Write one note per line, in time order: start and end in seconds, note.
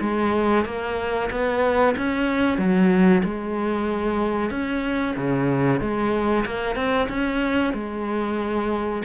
0.00 0.65 G#3
0.65 1.29 A#3
1.30 1.95 B3
1.97 2.57 C#4
2.57 3.22 F#3
3.24 4.50 G#3
4.50 5.15 C#4
5.16 5.80 C#3
5.80 6.44 G#3
6.45 6.75 A#3
6.75 7.08 C4
7.09 7.73 C#4
7.73 9.02 G#3